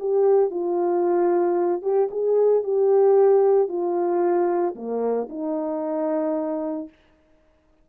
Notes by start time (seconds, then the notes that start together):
0.00 G4
0.51 F4
1.82 G4
2.11 G#4
2.64 G4
3.69 F4
4.75 A#3
5.30 D#4